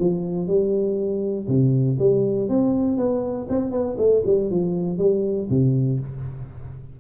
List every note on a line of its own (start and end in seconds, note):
0.00 0.47 F3
0.47 1.47 G3
1.48 1.98 C3
1.99 2.49 G3
2.49 2.97 C4
2.97 3.47 B3
3.50 3.71 C4
3.71 3.96 B3
3.98 4.23 A3
4.26 4.50 G3
4.50 4.98 F3
4.98 5.48 G3
5.50 6.00 C3